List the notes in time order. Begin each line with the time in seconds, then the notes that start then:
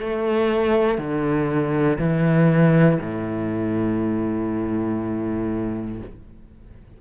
0.00 A3
0.98 D3
1.98 E3
3.01 A2